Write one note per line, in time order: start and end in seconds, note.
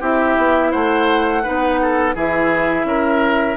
0.00 0.36 C4
0.00 1.43 E4
0.00 0.71 G4
0.00 0.72 E5
0.37 0.73 B3
0.71 1.46 A3
0.71 1.43 C5
0.71 2.14 F#5
1.43 2.15 B3
1.43 2.15 D#4
1.43 1.79 B4
1.82 2.15 A4
2.15 2.84 E3
2.15 3.57 E4
2.15 2.86 G#4
2.15 3.57 E5
2.84 3.56 C#4
2.84 3.57 A#4